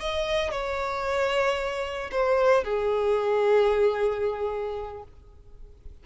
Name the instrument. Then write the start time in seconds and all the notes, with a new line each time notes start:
violin
0.00 D#5
0.51 C#5
2.11 C5
2.64 G#4